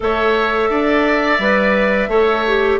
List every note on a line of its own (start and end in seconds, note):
0.00 0.69 A3
0.00 1.39 A4
0.00 0.70 C#5
0.00 2.79 E5
0.69 1.39 D4
0.69 2.09 D5
1.39 2.08 G3
1.39 2.09 B4
2.08 2.77 A3
2.08 2.44 A4
2.08 2.79 C#5
2.46 2.79 G4